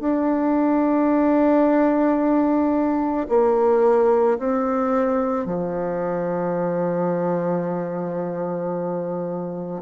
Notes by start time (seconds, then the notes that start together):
0.00 D4
3.29 A#3
4.38 C4
5.46 F3